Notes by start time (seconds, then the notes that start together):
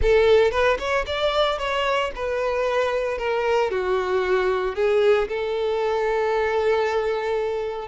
0.02 A4
0.51 B4
0.78 C#5
1.06 D5
1.58 C#5
2.15 B4
3.18 A#4
3.70 F#4
4.75 G#4
5.28 A4